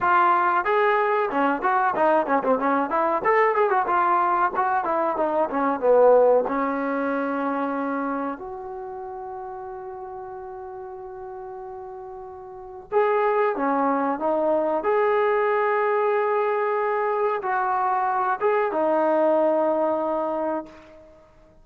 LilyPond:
\new Staff \with { instrumentName = "trombone" } { \time 4/4 \tempo 4 = 93 f'4 gis'4 cis'8 fis'8 dis'8 cis'16 c'16 | cis'8 e'8 a'8 gis'16 fis'16 f'4 fis'8 e'8 | dis'8 cis'8 b4 cis'2~ | cis'4 fis'2.~ |
fis'1 | gis'4 cis'4 dis'4 gis'4~ | gis'2. fis'4~ | fis'8 gis'8 dis'2. | }